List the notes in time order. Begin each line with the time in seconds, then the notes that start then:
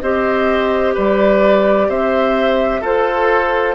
0.00 C4 G4 C5 D#5
0.94 G3 B4 D5
1.88 C4 C5 E5
2.81 F4 A4 C5